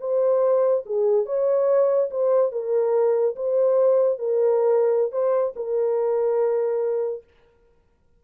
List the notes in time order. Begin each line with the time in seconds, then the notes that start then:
0.00 C5
0.85 G#4
1.25 C#5
2.10 C5
2.51 A#4
3.36 C5
4.18 A#4
5.11 C5
5.56 A#4